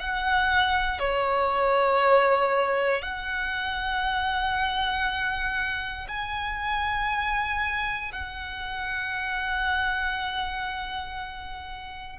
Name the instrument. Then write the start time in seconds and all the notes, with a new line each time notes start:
violin
0.00 F#5
0.99 C#5
3.02 F#5
6.08 G#5
8.13 F#5